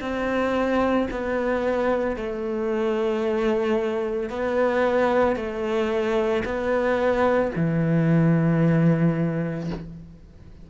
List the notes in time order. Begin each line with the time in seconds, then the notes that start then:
0.00 C4
1.11 B3
2.16 A3
4.30 B3
5.36 A3
6.44 B3
7.55 E3